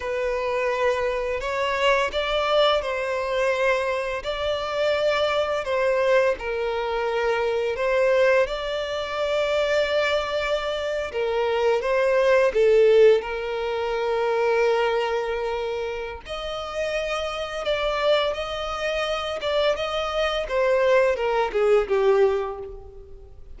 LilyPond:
\new Staff \with { instrumentName = "violin" } { \time 4/4 \tempo 4 = 85 b'2 cis''4 d''4 | c''2 d''2 | c''4 ais'2 c''4 | d''2.~ d''8. ais'16~ |
ais'8. c''4 a'4 ais'4~ ais'16~ | ais'2. dis''4~ | dis''4 d''4 dis''4. d''8 | dis''4 c''4 ais'8 gis'8 g'4 | }